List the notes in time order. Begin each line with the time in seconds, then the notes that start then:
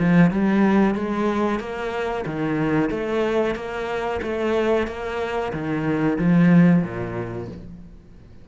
0.00 F3
0.31 G3
0.95 G#3
1.60 A#3
2.26 D#3
2.91 A3
3.55 A#3
4.22 A3
4.87 A#3
5.53 D#3
6.19 F3
6.83 A#2